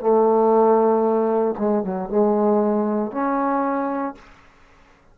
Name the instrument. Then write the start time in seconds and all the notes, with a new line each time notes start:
trombone
0.00 A3
1.58 G#3
1.84 F#3
2.09 G#3
3.12 C#4